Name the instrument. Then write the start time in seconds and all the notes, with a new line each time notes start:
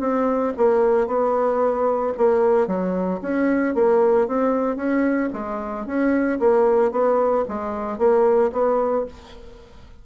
bassoon
0.00 C4
0.57 A#3
1.07 B3
2.17 A#3
2.67 F#3
3.22 C#4
3.75 A#3
4.28 C4
4.76 C#4
5.33 G#3
5.86 C#4
6.39 A#3
6.91 B3
7.48 G#3
7.98 A#3
8.52 B3